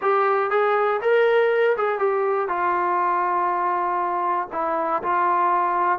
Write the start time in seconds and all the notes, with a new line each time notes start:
0.01 G4
0.50 G#4
1.01 A#4
1.77 G#4
1.99 G4
2.48 F4
4.52 E4
5.02 F4